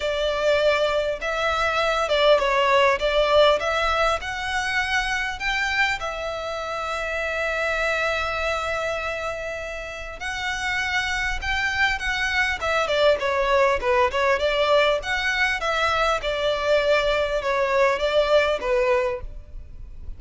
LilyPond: \new Staff \with { instrumentName = "violin" } { \time 4/4 \tempo 4 = 100 d''2 e''4. d''8 | cis''4 d''4 e''4 fis''4~ | fis''4 g''4 e''2~ | e''1~ |
e''4 fis''2 g''4 | fis''4 e''8 d''8 cis''4 b'8 cis''8 | d''4 fis''4 e''4 d''4~ | d''4 cis''4 d''4 b'4 | }